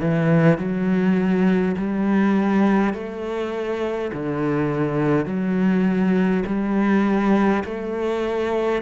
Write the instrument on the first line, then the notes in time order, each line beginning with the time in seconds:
cello
0.00 E3
0.58 F#3
1.76 G3
2.93 A3
4.13 D3
5.26 F#3
6.45 G3
7.64 A3